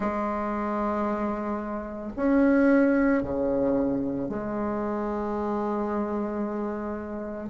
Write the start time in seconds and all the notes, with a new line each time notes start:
0.00 G#3
2.16 C#4
3.22 C#3
4.29 G#3